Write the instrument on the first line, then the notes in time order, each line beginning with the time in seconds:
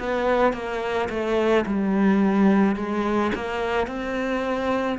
cello
0.00 B3
0.54 A#3
1.10 A3
1.66 G3
2.76 G#3
3.35 A#3
3.87 C4